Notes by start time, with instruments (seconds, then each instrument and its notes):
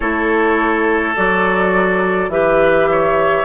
0.00 bassoon A3, clarinet E4, oboe A4, flute C#5
1.15 bassoon F#3, clarinet F#4, flute D5
2.28 bassoon E3, clarinet G4, oboe B4, flute E5
2.90 oboe C#5